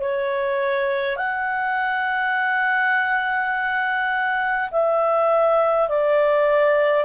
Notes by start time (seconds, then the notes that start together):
0.00 C#5
1.17 F#5
4.71 E5
5.88 D5